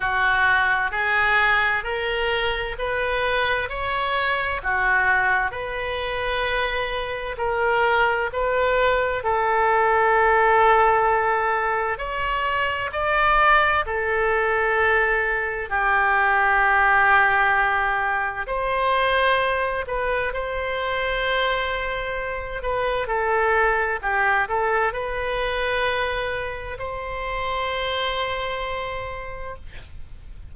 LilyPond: \new Staff \with { instrumentName = "oboe" } { \time 4/4 \tempo 4 = 65 fis'4 gis'4 ais'4 b'4 | cis''4 fis'4 b'2 | ais'4 b'4 a'2~ | a'4 cis''4 d''4 a'4~ |
a'4 g'2. | c''4. b'8 c''2~ | c''8 b'8 a'4 g'8 a'8 b'4~ | b'4 c''2. | }